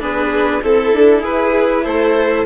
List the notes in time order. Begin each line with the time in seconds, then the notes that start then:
0.00 B3 D4 G#4 B4
0.62 C4 E4 A4
0.94 D4
1.21 E4 G#4 B4
1.85 A3 A4 C5